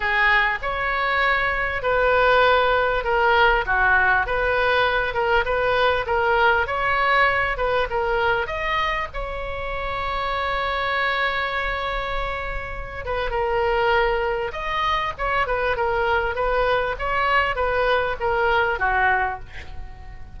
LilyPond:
\new Staff \with { instrumentName = "oboe" } { \time 4/4 \tempo 4 = 99 gis'4 cis''2 b'4~ | b'4 ais'4 fis'4 b'4~ | b'8 ais'8 b'4 ais'4 cis''4~ | cis''8 b'8 ais'4 dis''4 cis''4~ |
cis''1~ | cis''4. b'8 ais'2 | dis''4 cis''8 b'8 ais'4 b'4 | cis''4 b'4 ais'4 fis'4 | }